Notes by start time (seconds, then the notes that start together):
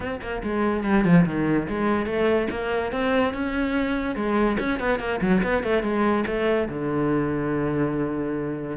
0.00 C4
0.21 A#3
0.43 G#3
0.83 G3
1.04 F3
1.25 D#3
1.68 G#3
2.05 A3
2.50 A#3
2.92 C4
3.33 C#4
4.15 G#3
4.59 C#4
4.79 B3
4.99 A#3
5.21 F#3
5.43 B3
5.63 A3
5.82 G#3
6.26 A3
6.68 D3